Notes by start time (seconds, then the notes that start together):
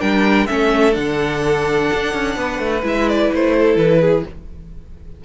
0.00 G3 D4 A#4 G5
0.46 A3 C#4 A4 E5
0.92 D3 D4 F#5
1.93 D4
2.14 C#4
2.36 B3 B4
2.59 A3
2.83 G#3 E4 E5
3.09 D5
3.33 A3 C5
3.56 A4
3.75 E3 B4
4.01 G#4